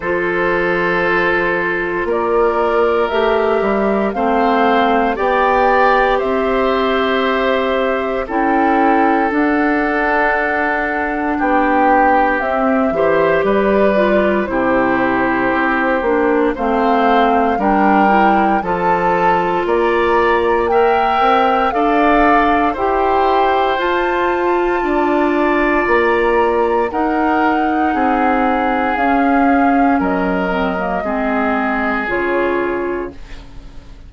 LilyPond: <<
  \new Staff \with { instrumentName = "flute" } { \time 4/4 \tempo 4 = 58 c''2 d''4 e''4 | f''4 g''4 e''2 | g''4 fis''2 g''4 | e''4 d''4 c''2 |
f''4 g''4 a''4 ais''4 | g''4 f''4 g''4 a''4~ | a''4 ais''4 fis''2 | f''4 dis''2 cis''4 | }
  \new Staff \with { instrumentName = "oboe" } { \time 4/4 a'2 ais'2 | c''4 d''4 c''2 | a'2. g'4~ | g'8 c''8 b'4 g'2 |
c''4 ais'4 a'4 d''4 | e''4 d''4 c''2 | d''2 ais'4 gis'4~ | gis'4 ais'4 gis'2 | }
  \new Staff \with { instrumentName = "clarinet" } { \time 4/4 f'2. g'4 | c'4 g'2. | e'4 d'2. | c'8 g'4 f'8 e'4. d'8 |
c'4 d'8 e'8 f'2 | ais'4 a'4 g'4 f'4~ | f'2 dis'2 | cis'4. c'16 ais16 c'4 f'4 | }
  \new Staff \with { instrumentName = "bassoon" } { \time 4/4 f2 ais4 a8 g8 | a4 b4 c'2 | cis'4 d'2 b4 | c'8 e8 g4 c4 c'8 ais8 |
a4 g4 f4 ais4~ | ais8 c'8 d'4 e'4 f'4 | d'4 ais4 dis'4 c'4 | cis'4 fis4 gis4 cis4 | }
>>